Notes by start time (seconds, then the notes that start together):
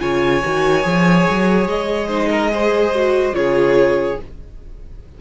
0.00 C#3 F4 C#5 G#5
0.44 D#3 F#4
0.84 F3 G#4
1.30 F#3
1.67 G#3 D#5
2.09 D#4 C5
2.31 A#4
2.53 G#4 C5
2.95 F#4
3.33 C#3 F4 G#4 C#5